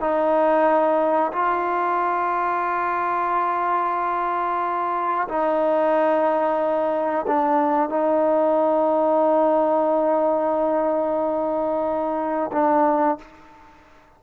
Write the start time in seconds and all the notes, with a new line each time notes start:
0.00 D#4
1.32 F4
5.28 D#4
7.27 D4
7.89 D#4
12.52 D4